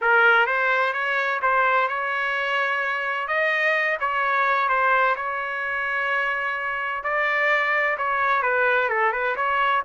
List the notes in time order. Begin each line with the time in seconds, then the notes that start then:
0.01 A#4
0.46 C5
0.93 C#5
1.42 C5
1.88 C#5
3.27 D#5
4.00 C#5
4.68 C5
5.16 C#5
7.03 D5
7.97 C#5
8.42 B4
8.89 A4
9.12 B4
9.36 C#5